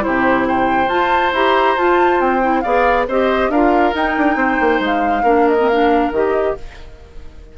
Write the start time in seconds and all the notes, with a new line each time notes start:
0.00 E4 C5
0.06 C3 G4
0.48 C5 G5
0.87 F4 A5
1.32 E4 G4 A#5
1.77 F4 A5
2.20 C4 G5
2.41 E4
2.61 B3 G#4 D5 F5
3.07 C4 G4 C5 D#5
3.49 D4 F4 A#4 F5
3.93 D#4 G5
4.17 D4
4.36 C4 C5
4.60 A#3
4.80 G#3 F5
5.23 A#3 D4 A#4
5.48 D#5
5.59 C4
5.68 D4 F5
6.11 D#3 G4 D#5